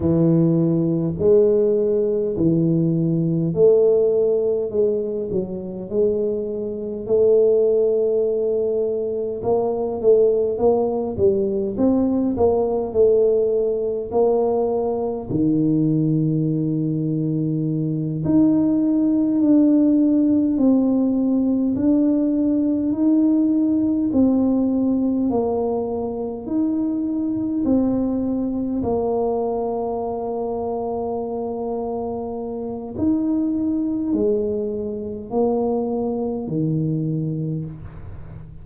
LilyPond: \new Staff \with { instrumentName = "tuba" } { \time 4/4 \tempo 4 = 51 e4 gis4 e4 a4 | gis8 fis8 gis4 a2 | ais8 a8 ais8 g8 c'8 ais8 a4 | ais4 dis2~ dis8 dis'8~ |
dis'8 d'4 c'4 d'4 dis'8~ | dis'8 c'4 ais4 dis'4 c'8~ | c'8 ais2.~ ais8 | dis'4 gis4 ais4 dis4 | }